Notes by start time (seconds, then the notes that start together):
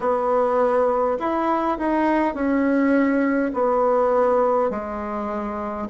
0.00 B3
1.19 E4
1.78 D#4
2.34 C#4
3.53 B3
4.70 G#3